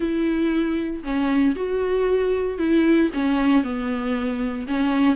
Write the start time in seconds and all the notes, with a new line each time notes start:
0.00 E4
1.03 C#4
1.55 F#4
2.58 E4
3.13 C#4
3.63 B3
4.67 C#4